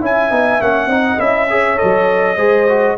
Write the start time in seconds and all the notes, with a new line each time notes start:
0.00 C#4 E4 E5 G#5
0.29 B3 D#4
0.60 A#3 C#4 F#5
0.86 C4 D#4 D#5
1.18 C#4 E4 E5
1.49 G#4 C#5
1.76 A4 D#5
1.83 F#3
2.36 G#3 G#4 C5
2.69 F#4